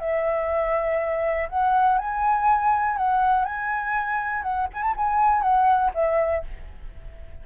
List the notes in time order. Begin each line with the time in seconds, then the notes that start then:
0.00 E5
1.49 F#5
1.98 G#5
2.97 F#5
3.45 G#5
4.43 F#5
4.73 G#5
4.83 A5
4.97 G#5
5.42 F#5
5.95 E5